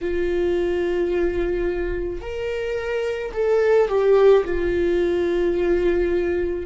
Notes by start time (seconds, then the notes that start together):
0.01 F4
2.21 A#4
3.33 A4
3.88 G4
4.44 F4